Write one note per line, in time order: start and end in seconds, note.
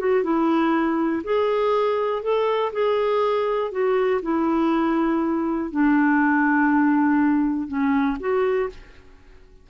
0.00 0.24 F#4
0.24 1.23 E4
1.24 2.23 G#4
2.23 2.73 A4
2.73 3.72 G#4
3.72 4.21 F#4
4.23 5.71 E4
5.72 7.68 D4
7.68 8.18 C#4
8.20 8.70 F#4